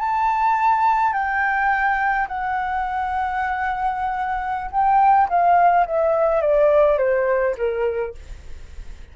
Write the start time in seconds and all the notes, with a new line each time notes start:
0.00 A5
1.14 G5
2.28 F#5
4.71 G5
5.29 F5
5.87 E5
6.42 D5
6.98 C5
7.58 A#4